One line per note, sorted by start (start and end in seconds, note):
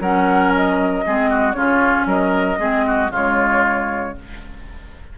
0.00 1.03 F#3
0.00 1.05 C#4
0.00 1.04 A#4
0.00 0.53 F#5
0.55 1.53 D#5
1.05 1.55 G#3
1.05 1.54 C4
1.05 1.30 G#4
1.30 1.55 F#4
1.53 2.05 C#3
1.53 2.58 C#4
1.53 2.07 F4
1.53 2.04 C#5
2.05 2.57 F#3
2.05 2.59 A#4
2.05 3.12 D#5
2.59 3.10 G#3
2.59 3.10 C4
2.59 2.85 G#4
2.86 3.11 F#4
3.10 4.14 C#3
3.10 4.16 G#3
3.10 4.14 F4
3.10 4.18 C#5